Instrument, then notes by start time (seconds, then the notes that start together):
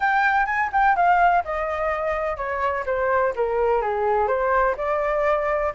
flute
0.00 G5
0.46 G#5
0.72 G5
0.95 F5
1.44 D#5
2.37 C#5
2.85 C5
3.35 A#4
3.81 G#4
4.27 C5
4.77 D5